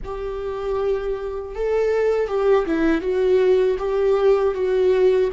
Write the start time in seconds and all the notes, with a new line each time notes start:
0.04 G4
1.55 A4
2.28 G4
2.66 E4
3.01 F#4
3.78 G4
4.54 F#4